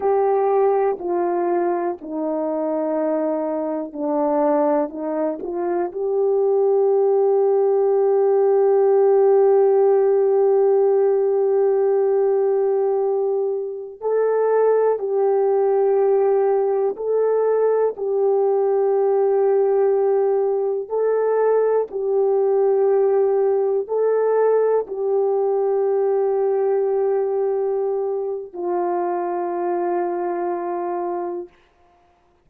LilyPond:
\new Staff \with { instrumentName = "horn" } { \time 4/4 \tempo 4 = 61 g'4 f'4 dis'2 | d'4 dis'8 f'8 g'2~ | g'1~ | g'2~ g'16 a'4 g'8.~ |
g'4~ g'16 a'4 g'4.~ g'16~ | g'4~ g'16 a'4 g'4.~ g'16~ | g'16 a'4 g'2~ g'8.~ | g'4 f'2. | }